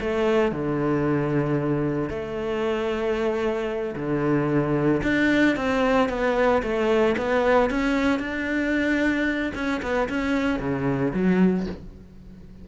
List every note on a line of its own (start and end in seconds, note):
0.00 0.52 A3
0.52 2.09 D3
2.09 3.95 A3
3.96 5.02 D3
5.03 5.56 D4
5.56 6.09 C4
6.09 6.62 B3
6.63 7.16 A3
7.18 7.70 B3
7.70 8.19 C#4
8.19 9.52 D4
9.55 9.81 C#4
9.82 10.09 B3
10.09 10.59 C#4
10.59 11.12 C#3
11.13 11.66 F#3